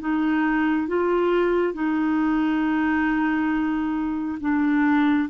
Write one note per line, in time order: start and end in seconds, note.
0.00 0.87 D#4
0.87 1.73 F4
1.73 4.38 D#4
4.40 5.29 D4